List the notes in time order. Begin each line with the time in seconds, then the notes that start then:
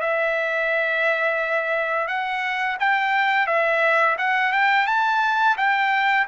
0.00 E5
2.07 F#5
2.79 G5
3.46 E5
4.18 F#5
4.52 G5
4.86 A5
5.57 G5